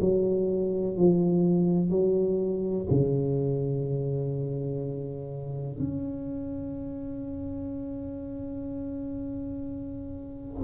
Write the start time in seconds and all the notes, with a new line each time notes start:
0.00 F#3
0.97 F3
1.90 F#3
2.90 C#3
5.78 C#4